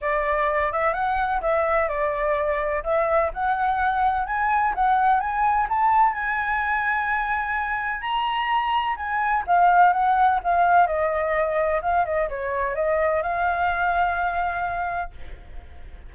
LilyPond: \new Staff \with { instrumentName = "flute" } { \time 4/4 \tempo 4 = 127 d''4. e''8 fis''4 e''4 | d''2 e''4 fis''4~ | fis''4 gis''4 fis''4 gis''4 | a''4 gis''2.~ |
gis''4 ais''2 gis''4 | f''4 fis''4 f''4 dis''4~ | dis''4 f''8 dis''8 cis''4 dis''4 | f''1 | }